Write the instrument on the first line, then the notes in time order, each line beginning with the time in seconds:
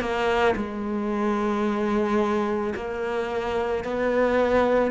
cello
0.00 A#3
0.55 G#3
2.75 A#3
3.84 B3